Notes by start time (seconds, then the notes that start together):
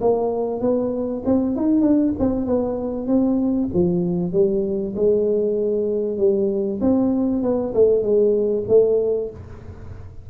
0.00 A#3
0.60 B3
1.25 C4
1.56 D#4
1.81 D4
2.19 C4
2.46 B3
3.07 C4
3.73 F3
4.32 G3
4.95 G#3
6.17 G3
6.81 C4
7.42 B3
7.74 A3
8.02 G#3
8.68 A3